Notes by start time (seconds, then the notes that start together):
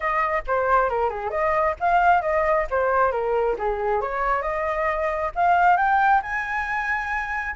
0.00 D#5
0.47 C5
0.89 A#4
1.09 G#4
1.30 D#5
1.80 F5
2.21 D#5
2.70 C5
3.11 A#4
3.58 G#4
4.01 C#5
4.42 D#5
5.35 F5
5.76 G5
6.22 G#5